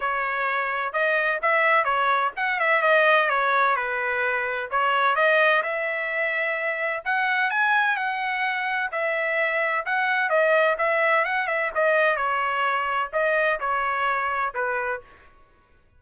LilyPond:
\new Staff \with { instrumentName = "trumpet" } { \time 4/4 \tempo 4 = 128 cis''2 dis''4 e''4 | cis''4 fis''8 e''8 dis''4 cis''4 | b'2 cis''4 dis''4 | e''2. fis''4 |
gis''4 fis''2 e''4~ | e''4 fis''4 dis''4 e''4 | fis''8 e''8 dis''4 cis''2 | dis''4 cis''2 b'4 | }